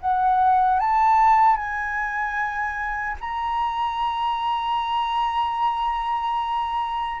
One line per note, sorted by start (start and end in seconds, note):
0.00 0.79 F#5
0.79 1.56 A5
1.56 3.16 G#5
3.20 7.20 A#5